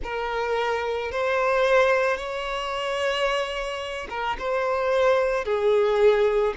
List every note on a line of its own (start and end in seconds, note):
0.03 1.12 A#4
1.12 2.16 C5
2.16 4.07 C#5
4.09 4.36 A#4
4.38 5.44 C5
5.44 6.54 G#4